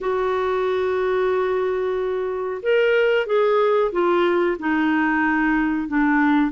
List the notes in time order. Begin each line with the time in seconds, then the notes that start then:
0.00 F#4
2.62 A#4
3.26 G#4
3.91 F4
4.59 D#4
5.88 D4